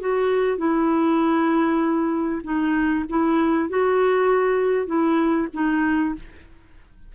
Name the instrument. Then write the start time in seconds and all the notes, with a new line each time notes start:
clarinet
0.00 F#4
0.58 E4
2.44 D#4
3.09 E4
3.69 F#4
4.86 E4
5.54 D#4